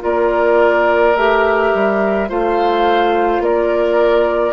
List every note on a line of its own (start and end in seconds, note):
0.00 1.15 A#3
0.00 1.13 F4
0.00 2.29 A#4
0.00 1.16 D5
1.15 1.72 A3
1.15 2.28 G4
1.15 2.29 E5
1.74 2.30 G3
2.28 3.40 A3
2.28 4.53 F4
2.28 3.42 C5
2.28 3.43 F5
3.40 4.53 A#3
3.40 4.53 A#4
3.40 4.53 D5